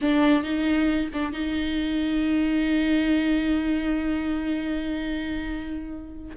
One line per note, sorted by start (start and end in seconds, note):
0.01 0.43 D4
0.43 1.09 D#4
1.13 1.32 D4
1.32 6.36 D#4